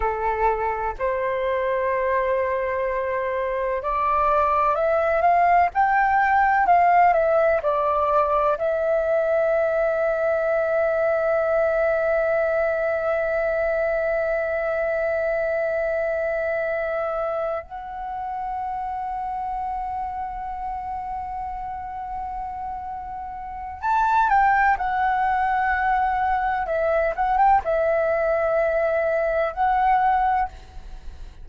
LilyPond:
\new Staff \with { instrumentName = "flute" } { \time 4/4 \tempo 4 = 63 a'4 c''2. | d''4 e''8 f''8 g''4 f''8 e''8 | d''4 e''2.~ | e''1~ |
e''2~ e''8 fis''4.~ | fis''1~ | fis''4 a''8 g''8 fis''2 | e''8 fis''16 g''16 e''2 fis''4 | }